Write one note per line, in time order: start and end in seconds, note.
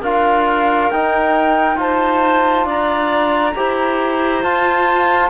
0.00 0.90 D4
0.00 0.92 F4
0.00 1.76 A#4
0.00 0.90 F5
0.90 2.65 D#4
0.90 1.75 D#4
0.90 1.78 G5
1.75 3.52 F4
1.75 2.65 C5
1.75 2.67 A5
2.65 3.53 D4
2.65 3.53 D5
2.65 4.42 A#5
3.56 4.43 E4
3.56 4.43 G4
3.56 5.29 C5
4.42 5.29 F4
4.42 5.29 A5